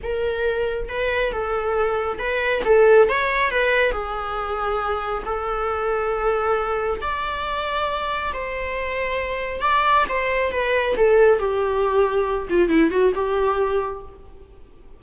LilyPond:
\new Staff \with { instrumentName = "viola" } { \time 4/4 \tempo 4 = 137 ais'2 b'4 a'4~ | a'4 b'4 a'4 cis''4 | b'4 gis'2. | a'1 |
d''2. c''4~ | c''2 d''4 c''4 | b'4 a'4 g'2~ | g'8 f'8 e'8 fis'8 g'2 | }